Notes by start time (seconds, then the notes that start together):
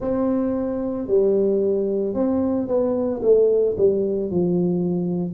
0.00 C4
1.07 G3
2.14 C4
2.67 B3
3.22 A3
3.77 G3
4.31 F3